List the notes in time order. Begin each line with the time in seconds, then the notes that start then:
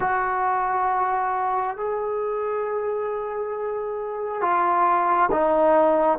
0.00 F#4
1.76 G#4
4.41 F4
5.31 D#4